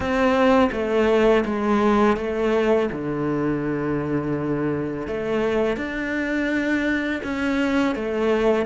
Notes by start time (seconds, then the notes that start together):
0.00 C4
0.72 A3
1.45 G#3
2.17 A3
2.91 D3
5.07 A3
5.76 D4
7.23 C#4
7.95 A3